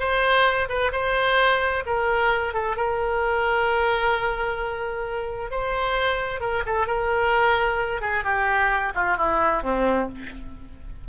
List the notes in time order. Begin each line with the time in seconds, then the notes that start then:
0.00 C5
0.69 B4
0.92 C5
1.86 A#4
2.54 A4
2.77 A#4
5.51 C5
6.41 A#4
6.66 A4
6.87 A#4
8.02 G#4
8.24 G4
8.95 F4
9.17 E4
9.63 C4